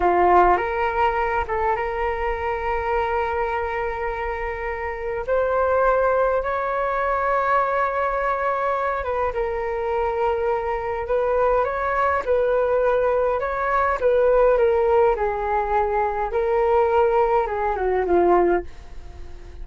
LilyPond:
\new Staff \with { instrumentName = "flute" } { \time 4/4 \tempo 4 = 103 f'4 ais'4. a'8 ais'4~ | ais'1~ | ais'4 c''2 cis''4~ | cis''2.~ cis''8 b'8 |
ais'2. b'4 | cis''4 b'2 cis''4 | b'4 ais'4 gis'2 | ais'2 gis'8 fis'8 f'4 | }